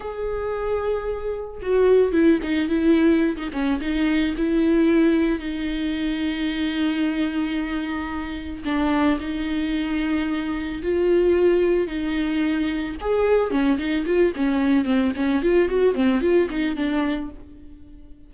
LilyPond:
\new Staff \with { instrumentName = "viola" } { \time 4/4 \tempo 4 = 111 gis'2. fis'4 | e'8 dis'8 e'4~ e'16 dis'16 cis'8 dis'4 | e'2 dis'2~ | dis'1 |
d'4 dis'2. | f'2 dis'2 | gis'4 cis'8 dis'8 f'8 cis'4 c'8 | cis'8 f'8 fis'8 c'8 f'8 dis'8 d'4 | }